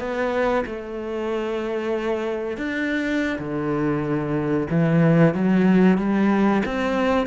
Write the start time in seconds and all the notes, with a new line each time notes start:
0.00 B3
0.66 A3
2.58 D4
3.39 D3
4.71 E3
5.35 F#3
5.99 G3
6.66 C4